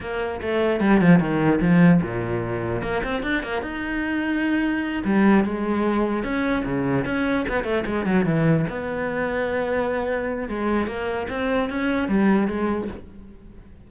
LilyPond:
\new Staff \with { instrumentName = "cello" } { \time 4/4 \tempo 4 = 149 ais4 a4 g8 f8 dis4 | f4 ais,2 ais8 c'8 | d'8 ais8 dis'2.~ | dis'8 g4 gis2 cis'8~ |
cis'8 cis4 cis'4 b8 a8 gis8 | fis8 e4 b2~ b8~ | b2 gis4 ais4 | c'4 cis'4 g4 gis4 | }